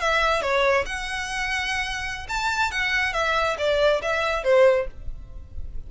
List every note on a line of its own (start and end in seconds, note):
0.00 0.42 E5
0.42 0.85 C#5
0.86 2.27 F#5
2.29 2.71 A5
2.71 3.13 F#5
3.13 3.57 E5
3.58 4.02 D5
4.02 4.44 E5
4.44 4.87 C5